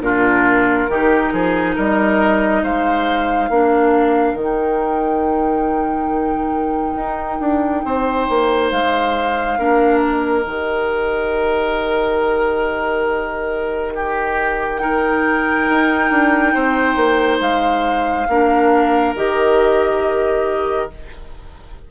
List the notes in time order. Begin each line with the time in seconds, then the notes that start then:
0.00 A#2 D4 F4 A#4
0.89 D#3 D#4 G4
1.32 F3 G#4
1.75 G3 A#4 D#5
2.63 G#3 C5 F5
3.49 A#3 D4 A#4
4.34 D#3 D#4 G5
6.95 D#4
7.40 D4
7.84 C4 C5
8.29 A#3
8.71 G#3 F5
9.59 A#3 D4 A#4
10.01 D#5
10.44 D#3 G4
13.95 G4
14.77 D#4 A#4 G5
15.70 D#4
16.10 D4
16.54 C4 C5
16.96 A#3
17.40 G#3 F5
18.28 A#3 D4 A#4
19.16 D#3 G4 D#5